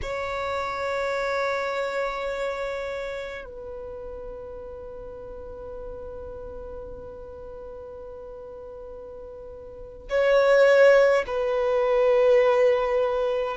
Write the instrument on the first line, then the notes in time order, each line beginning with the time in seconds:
violin
0.02 C#5
3.45 B4
10.09 C#5
11.27 B4